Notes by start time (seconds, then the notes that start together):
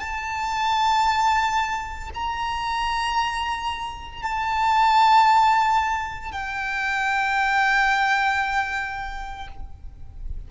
0.00 A5
2.15 A#5
4.23 A5
6.32 G5